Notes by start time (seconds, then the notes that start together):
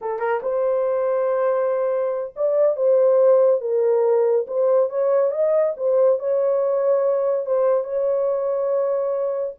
0.01 A4
0.19 A#4
0.42 C5
2.35 D5
2.76 C5
3.60 A#4
4.47 C5
4.89 C#5
5.31 D#5
5.76 C5
6.19 C#5
7.46 C5
7.84 C#5